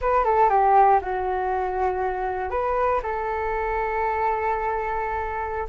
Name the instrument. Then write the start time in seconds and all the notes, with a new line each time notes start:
flute
0.01 B4
0.24 A4
0.49 G4
1.01 F#4
2.50 B4
3.03 A4